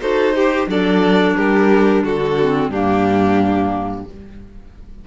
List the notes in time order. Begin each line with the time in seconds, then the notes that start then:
0.00 D#4 F#4 A4 C5
0.36 G4
0.67 F#3 D4 A4 D5
1.36 G3 G4 A#4
2.04 D3 F#4 A4
2.42 C4
2.70 G2 A#3 D4 G4